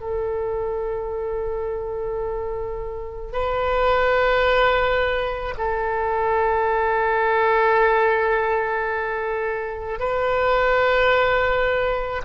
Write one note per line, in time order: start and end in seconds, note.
0.00 3.33 A4
3.33 5.55 B4
5.58 9.99 A4
9.99 12.22 B4